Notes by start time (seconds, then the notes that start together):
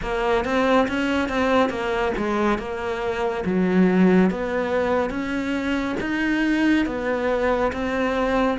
0.02 A#3
0.44 C4
0.88 C#4
1.29 C4
1.69 A#3
2.17 G#3
2.58 A#3
3.45 F#3
4.30 B3
5.10 C#4
6.00 D#4
6.86 B3
7.72 C4